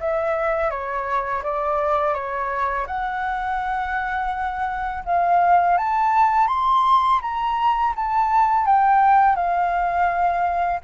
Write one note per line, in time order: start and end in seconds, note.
0.00 0.70 E5
0.70 1.43 C#5
1.43 2.14 D5
2.14 2.86 C#5
2.87 5.04 F#5
5.05 5.77 F5
5.78 6.47 A5
6.47 7.20 C6
7.22 7.94 A#5
7.96 8.66 A5
8.66 9.36 G5
9.36 10.80 F5